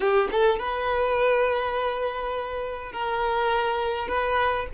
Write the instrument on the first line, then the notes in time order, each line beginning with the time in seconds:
violin
0.00 G4
0.31 A4
0.58 B4
2.92 A#4
4.07 B4